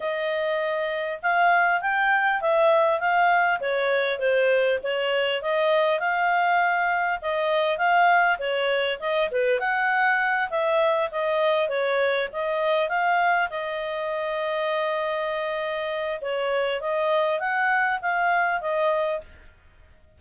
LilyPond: \new Staff \with { instrumentName = "clarinet" } { \time 4/4 \tempo 4 = 100 dis''2 f''4 g''4 | e''4 f''4 cis''4 c''4 | cis''4 dis''4 f''2 | dis''4 f''4 cis''4 dis''8 b'8 |
fis''4. e''4 dis''4 cis''8~ | cis''8 dis''4 f''4 dis''4.~ | dis''2. cis''4 | dis''4 fis''4 f''4 dis''4 | }